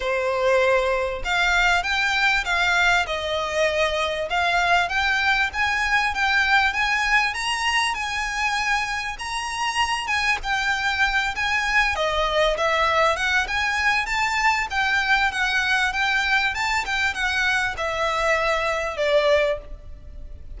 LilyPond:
\new Staff \with { instrumentName = "violin" } { \time 4/4 \tempo 4 = 98 c''2 f''4 g''4 | f''4 dis''2 f''4 | g''4 gis''4 g''4 gis''4 | ais''4 gis''2 ais''4~ |
ais''8 gis''8 g''4. gis''4 dis''8~ | dis''8 e''4 fis''8 gis''4 a''4 | g''4 fis''4 g''4 a''8 g''8 | fis''4 e''2 d''4 | }